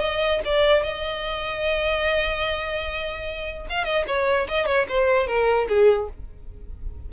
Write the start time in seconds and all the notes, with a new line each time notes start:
0.00 D#5
0.45 D5
0.83 D#5
3.69 F5
3.85 D#5
4.07 C#5
4.49 D#5
4.66 C#5
4.89 C5
5.27 A#4
5.68 G#4